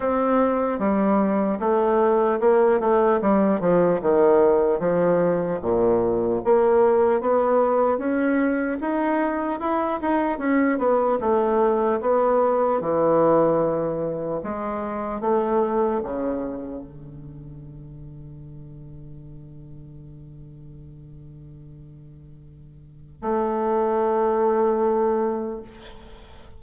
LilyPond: \new Staff \with { instrumentName = "bassoon" } { \time 4/4 \tempo 4 = 75 c'4 g4 a4 ais8 a8 | g8 f8 dis4 f4 ais,4 | ais4 b4 cis'4 dis'4 | e'8 dis'8 cis'8 b8 a4 b4 |
e2 gis4 a4 | cis4 d2.~ | d1~ | d4 a2. | }